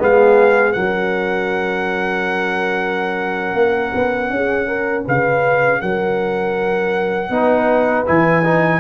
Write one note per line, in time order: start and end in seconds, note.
0.00 0.75 G#3
0.00 0.74 B3
0.00 0.75 G#4
0.00 0.73 F5
0.73 3.54 F#3
0.73 7.30 C#4
0.73 4.31 A#4
0.73 5.04 F#5
3.54 3.91 A#3
3.94 4.30 B3
4.30 5.05 C#4
4.30 4.67 G#4
4.67 5.05 A#4
5.05 5.82 C#3
5.05 5.80 B4
5.05 5.81 F5
5.81 7.30 F#3
5.81 7.31 A#4
5.81 8.06 F#5
7.30 8.05 B3
7.30 8.06 D#4
7.30 8.80 B4
8.06 8.80 E3
8.06 8.43 E4
8.06 8.80 G#5
8.44 8.80 D#4